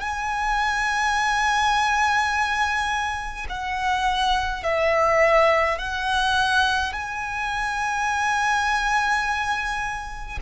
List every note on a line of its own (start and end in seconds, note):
0.00 3.46 G#5
3.49 4.63 F#5
4.63 5.78 E5
5.78 6.92 F#5
6.92 10.38 G#5